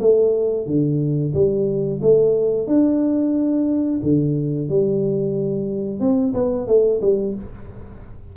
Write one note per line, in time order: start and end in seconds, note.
0.00 0.66 A3
0.66 1.33 D3
1.34 2.00 G3
2.02 2.67 A3
2.67 4.00 D4
4.03 4.69 D3
4.69 6.00 G3
6.00 6.33 C4
6.34 6.67 B3
6.67 7.00 A3
7.01 7.35 G3